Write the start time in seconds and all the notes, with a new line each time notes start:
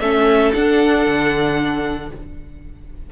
0.00 A3 C#4 A4 E5
0.54 D4 F#5
1.07 D3